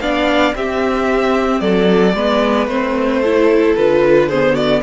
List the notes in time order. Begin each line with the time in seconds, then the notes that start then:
0.00 B3 D4 D5 F5
0.53 C4 G4 E5
1.60 F#3 A4 D5
2.13 G#3 B3 B4
2.67 A3 C4 C5
3.21 E4 A4
3.75 D3 F4 B4
4.28 B3 G#4 C5
4.53 F#4 D5